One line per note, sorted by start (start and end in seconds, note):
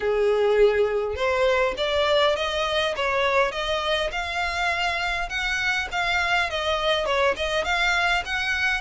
0.00 1.15 G#4
1.15 1.74 C5
1.77 2.35 D5
2.35 2.94 D#5
2.96 3.51 C#5
3.51 4.10 D#5
4.11 5.29 F5
5.29 5.88 F#5
5.91 6.49 F5
6.49 7.05 D#5
7.05 7.34 C#5
7.36 7.64 D#5
7.64 8.23 F5
8.25 8.81 F#5